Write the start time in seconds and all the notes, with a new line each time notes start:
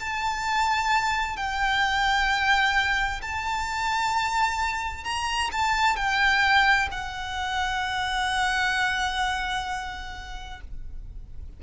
0.00 A5
1.37 G5
3.22 A5
5.04 A#5
5.52 A5
5.96 G5
6.91 F#5